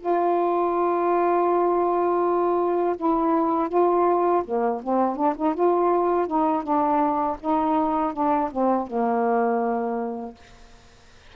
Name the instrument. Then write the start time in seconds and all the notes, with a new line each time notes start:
saxophone
0.00 F4
2.97 E4
3.69 F4
4.45 A#3
4.84 C4
5.16 D4
5.36 D#4
5.55 F4
6.27 D#4
6.63 D4
7.41 D#4
8.13 D4
8.52 C4
8.87 A#3